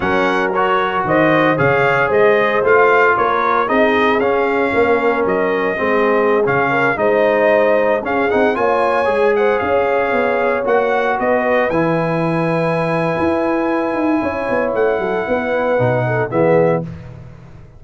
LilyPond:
<<
  \new Staff \with { instrumentName = "trumpet" } { \time 4/4 \tempo 4 = 114 fis''4 cis''4 dis''4 f''4 | dis''4 f''4 cis''4 dis''4 | f''2 dis''2~ | dis''16 f''4 dis''2 f''8 fis''16~ |
fis''16 gis''4. fis''8 f''4.~ f''16~ | f''16 fis''4 dis''4 gis''4.~ gis''16~ | gis''1 | fis''2. e''4 | }
  \new Staff \with { instrumentName = "horn" } { \time 4/4 ais'2 c''4 cis''4 | c''2 ais'4 gis'4~ | gis'4 ais'2 gis'4~ | gis'8. ais'8 c''2 gis'8.~ |
gis'16 cis''4. c''8 cis''4.~ cis''16~ | cis''4~ cis''16 b'2~ b'8.~ | b'2. cis''4~ | cis''8 a'8 b'4. a'8 gis'4 | }
  \new Staff \with { instrumentName = "trombone" } { \time 4/4 cis'4 fis'2 gis'4~ | gis'4 f'2 dis'4 | cis'2. c'4~ | c'16 cis'4 dis'2 cis'8 dis'16~ |
dis'16 f'4 gis'2~ gis'8.~ | gis'16 fis'2 e'4.~ e'16~ | e'1~ | e'2 dis'4 b4 | }
  \new Staff \with { instrumentName = "tuba" } { \time 4/4 fis2 dis4 cis4 | gis4 a4 ais4 c'4 | cis'4 ais4 fis4 gis4~ | gis16 cis4 gis2 cis'8 c'16~ |
c'16 ais4 gis4 cis'4 b8.~ | b16 ais4 b4 e4.~ e16~ | e4 e'4. dis'8 cis'8 b8 | a8 fis8 b4 b,4 e4 | }
>>